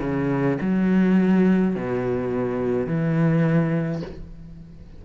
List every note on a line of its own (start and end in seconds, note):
0.00 0.58 C#3
0.61 1.76 F#3
1.76 2.86 B2
2.86 4.02 E3